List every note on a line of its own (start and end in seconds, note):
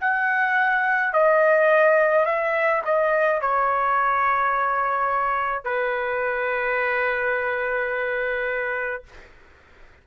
0.00 1.13 F#5
1.13 2.25 D#5
2.25 2.82 E5
2.85 3.41 D#5
3.41 5.64 C#5
5.64 9.04 B4